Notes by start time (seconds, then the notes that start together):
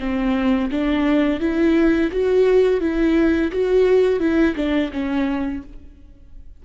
0.00 C4
0.72 D4
1.41 E4
2.12 F#4
2.81 E4
3.52 F#4
4.20 E4
4.56 D4
4.93 C#4